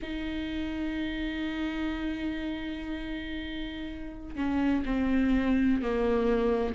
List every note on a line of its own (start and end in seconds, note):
0.02 4.35 D#4
4.35 4.83 C#4
4.85 5.82 C4
5.82 6.75 A#3